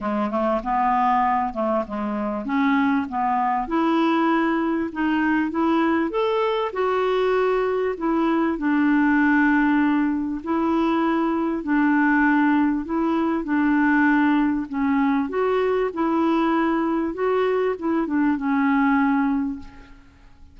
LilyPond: \new Staff \with { instrumentName = "clarinet" } { \time 4/4 \tempo 4 = 98 gis8 a8 b4. a8 gis4 | cis'4 b4 e'2 | dis'4 e'4 a'4 fis'4~ | fis'4 e'4 d'2~ |
d'4 e'2 d'4~ | d'4 e'4 d'2 | cis'4 fis'4 e'2 | fis'4 e'8 d'8 cis'2 | }